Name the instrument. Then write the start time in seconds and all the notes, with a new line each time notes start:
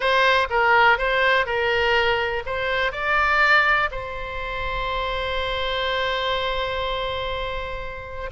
oboe
0.00 C5
0.49 A#4
0.98 C5
1.45 A#4
2.45 C5
2.92 D5
3.91 C5